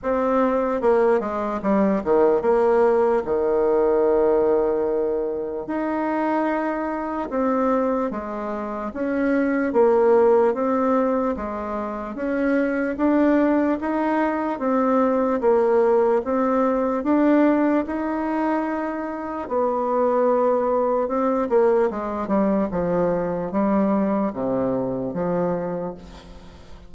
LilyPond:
\new Staff \with { instrumentName = "bassoon" } { \time 4/4 \tempo 4 = 74 c'4 ais8 gis8 g8 dis8 ais4 | dis2. dis'4~ | dis'4 c'4 gis4 cis'4 | ais4 c'4 gis4 cis'4 |
d'4 dis'4 c'4 ais4 | c'4 d'4 dis'2 | b2 c'8 ais8 gis8 g8 | f4 g4 c4 f4 | }